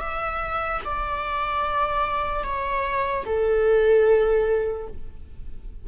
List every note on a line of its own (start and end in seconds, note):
0.00 0.81 E5
0.84 2.44 D5
2.44 3.25 C#5
3.25 4.88 A4